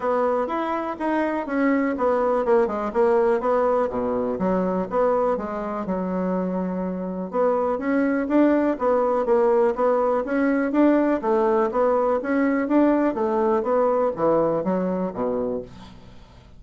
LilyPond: \new Staff \with { instrumentName = "bassoon" } { \time 4/4 \tempo 4 = 123 b4 e'4 dis'4 cis'4 | b4 ais8 gis8 ais4 b4 | b,4 fis4 b4 gis4 | fis2. b4 |
cis'4 d'4 b4 ais4 | b4 cis'4 d'4 a4 | b4 cis'4 d'4 a4 | b4 e4 fis4 b,4 | }